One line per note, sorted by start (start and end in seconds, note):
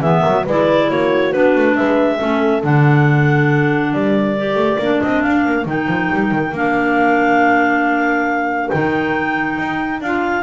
0.00 0.22 E3
0.00 0.46 B3
0.00 0.22 G#4
0.00 0.45 E5
0.22 0.46 F#3
0.22 0.43 A#4
0.44 0.89 G#3
0.44 1.32 E4
0.44 0.88 B4
0.44 0.90 D5
0.89 1.33 A#3
0.89 1.76 F#4
0.89 1.32 C#5
1.32 1.55 B3
1.32 2.18 D4
1.32 1.75 B4
1.55 1.77 A3
1.75 2.20 G#3
1.75 2.17 B4
1.75 2.62 E5
2.17 2.63 A3
2.17 2.62 C#4
2.17 3.91 A4
2.62 3.94 D3
2.62 4.36 D4
2.62 3.93 F#5
3.91 4.55 G3
3.91 10.43 A#4
3.91 5.01 D5
4.37 4.80 G4
4.55 4.77 A3
4.79 5.00 A#3
4.79 5.65 D4
5.01 5.25 C4
5.01 5.21 D#5
5.21 5.46 D4
5.21 5.65 F5
5.46 5.65 A#3
5.65 5.87 D#3
5.65 6.52 D#4
5.65 6.56 G5
5.87 6.09 F3
6.13 6.31 G3
6.31 6.52 D#3
6.52 8.69 A#3
6.52 8.71 D4
6.52 8.69 F5
8.69 9.58 D#3
8.69 10.02 D#4
8.69 10.00 G5
9.58 10.00 D#4
10.00 10.43 D4
10.00 10.43 F4
10.00 10.43 F5